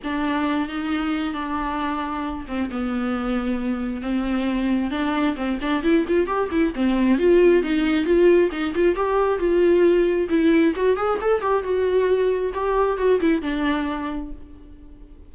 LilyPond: \new Staff \with { instrumentName = "viola" } { \time 4/4 \tempo 4 = 134 d'4. dis'4. d'4~ | d'4. c'8 b2~ | b4 c'2 d'4 | c'8 d'8 e'8 f'8 g'8 e'8 c'4 |
f'4 dis'4 f'4 dis'8 f'8 | g'4 f'2 e'4 | fis'8 gis'8 a'8 g'8 fis'2 | g'4 fis'8 e'8 d'2 | }